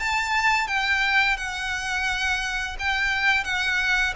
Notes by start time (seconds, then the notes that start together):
0.00 A5
0.68 G5
1.37 F#5
2.79 G5
3.44 F#5